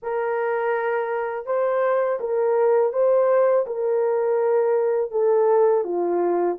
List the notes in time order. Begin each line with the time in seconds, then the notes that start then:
0.02 A#4
1.46 C5
2.20 A#4
2.92 C5
3.66 A#4
5.11 A4
5.84 F4